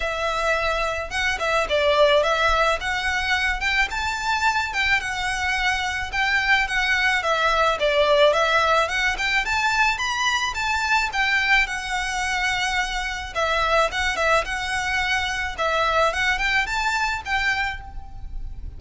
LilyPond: \new Staff \with { instrumentName = "violin" } { \time 4/4 \tempo 4 = 108 e''2 fis''8 e''8 d''4 | e''4 fis''4. g''8 a''4~ | a''8 g''8 fis''2 g''4 | fis''4 e''4 d''4 e''4 |
fis''8 g''8 a''4 b''4 a''4 | g''4 fis''2. | e''4 fis''8 e''8 fis''2 | e''4 fis''8 g''8 a''4 g''4 | }